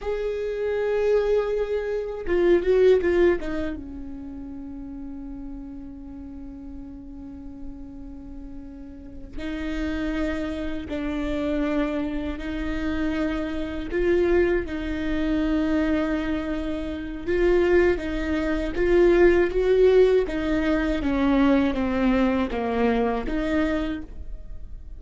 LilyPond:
\new Staff \with { instrumentName = "viola" } { \time 4/4 \tempo 4 = 80 gis'2. f'8 fis'8 | f'8 dis'8 cis'2.~ | cis'1~ | cis'8 dis'2 d'4.~ |
d'8 dis'2 f'4 dis'8~ | dis'2. f'4 | dis'4 f'4 fis'4 dis'4 | cis'4 c'4 ais4 dis'4 | }